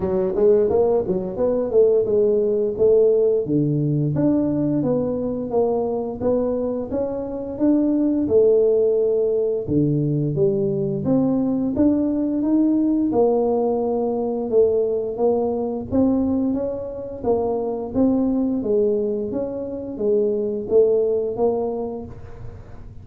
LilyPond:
\new Staff \with { instrumentName = "tuba" } { \time 4/4 \tempo 4 = 87 fis8 gis8 ais8 fis8 b8 a8 gis4 | a4 d4 d'4 b4 | ais4 b4 cis'4 d'4 | a2 d4 g4 |
c'4 d'4 dis'4 ais4~ | ais4 a4 ais4 c'4 | cis'4 ais4 c'4 gis4 | cis'4 gis4 a4 ais4 | }